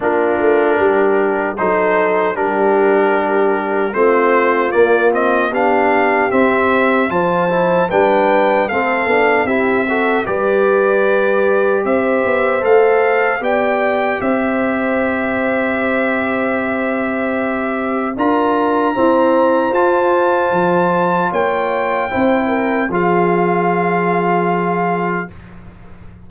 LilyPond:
<<
  \new Staff \with { instrumentName = "trumpet" } { \time 4/4 \tempo 4 = 76 ais'2 c''4 ais'4~ | ais'4 c''4 d''8 dis''8 f''4 | e''4 a''4 g''4 f''4 | e''4 d''2 e''4 |
f''4 g''4 e''2~ | e''2. ais''4~ | ais''4 a''2 g''4~ | g''4 f''2. | }
  \new Staff \with { instrumentName = "horn" } { \time 4/4 f'4 g'4 a'4 g'4~ | g'4 f'2 g'4~ | g'4 c''4 b'4 a'4 | g'8 a'8 b'2 c''4~ |
c''4 d''4 c''2~ | c''2. ais'4 | c''2. cis''4 | c''8 ais'8 gis'2. | }
  \new Staff \with { instrumentName = "trombone" } { \time 4/4 d'2 dis'4 d'4~ | d'4 c'4 ais8 c'8 d'4 | c'4 f'8 e'8 d'4 c'8 d'8 | e'8 fis'8 g'2. |
a'4 g'2.~ | g'2. f'4 | c'4 f'2. | e'4 f'2. | }
  \new Staff \with { instrumentName = "tuba" } { \time 4/4 ais8 a8 g4 fis4 g4~ | g4 a4 ais4 b4 | c'4 f4 g4 a8 b8 | c'4 g2 c'8 b8 |
a4 b4 c'2~ | c'2. d'4 | e'4 f'4 f4 ais4 | c'4 f2. | }
>>